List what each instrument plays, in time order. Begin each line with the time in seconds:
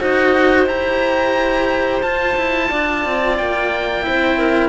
0.00 cello D#4 F#4, clarinet C5, oboe D#5
0.66 cello E4 G4, oboe A#5
2.02 cello F4, oboe A5
2.37 cello E4
2.70 cello D4, clarinet D5
3.05 cello C4
3.37 cello A#3, oboe G5
4.02 cello E4, clarinet C5
4.08 cello C4
4.38 clarinet A#4